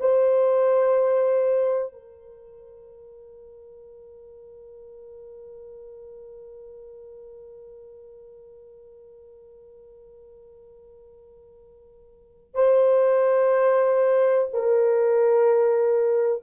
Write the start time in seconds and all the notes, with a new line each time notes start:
0.00 C5
1.92 A#4
12.54 C5
14.53 A#4